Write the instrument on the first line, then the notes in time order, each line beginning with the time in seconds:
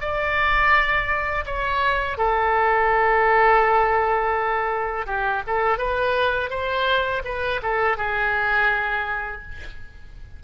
oboe
0.00 D5
1.45 C#5
2.17 A4
5.06 G4
5.46 A4
5.78 B4
6.50 C5
7.24 B4
7.62 A4
7.97 G#4